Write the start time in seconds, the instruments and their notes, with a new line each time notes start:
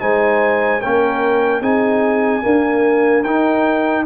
0.00 tuba G#3, trombone D#4, horn C5, trumpet G#5
0.80 tuba A#3, trombone C#4, horn A#4, trumpet G5
1.60 tuba C4, trombone D#4, horn G#4, trumpet G#5
2.42 trombone A#3, tuba D4, horn A#4
3.23 tuba D#4, trombone D#4, trumpet G5